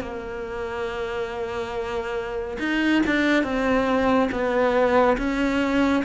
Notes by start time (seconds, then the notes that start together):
0.00 A#3
2.59 D#4
3.06 D4
3.43 C4
4.31 B3
5.17 C#4